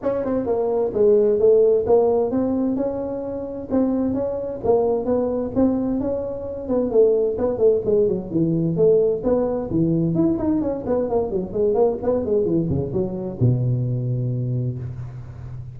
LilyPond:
\new Staff \with { instrumentName = "tuba" } { \time 4/4 \tempo 4 = 130 cis'8 c'8 ais4 gis4 a4 | ais4 c'4 cis'2 | c'4 cis'4 ais4 b4 | c'4 cis'4. b8 a4 |
b8 a8 gis8 fis8 e4 a4 | b4 e4 e'8 dis'8 cis'8 b8 | ais8 fis8 gis8 ais8 b8 gis8 e8 cis8 | fis4 b,2. | }